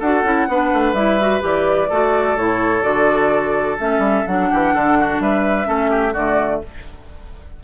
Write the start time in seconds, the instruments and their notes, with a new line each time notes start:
0.00 bassoon D4, clarinet F#4, oboe A4, flute F#5
0.24 bassoon C#4, clarinet E4
0.48 bassoon B3, clarinet D4, oboe B4
0.73 bassoon A3
0.94 bassoon G3, clarinet E4, flute E5
1.21 clarinet F#4
1.41 bassoon E3, clarinet G4, flute D5
1.90 bassoon A3, clarinet F#4, oboe A4
2.36 bassoon A2, clarinet E4, flute C#5
2.83 bassoon D3, clarinet F#4, flute D5
3.80 bassoon A3, clarinet C#4, flute E5
3.99 bassoon G3
4.27 bassoon F#3, clarinet D4, flute F#5
4.51 bassoon E3, oboe G4
4.74 bassoon D3, oboe A4
5.00 oboe F#4
5.20 bassoon G3, oboe B4, flute E5
5.64 bassoon A3, clarinet C#4, oboe A4
5.90 oboe G4
6.13 bassoon D3, clarinet A3, oboe F#4, flute D5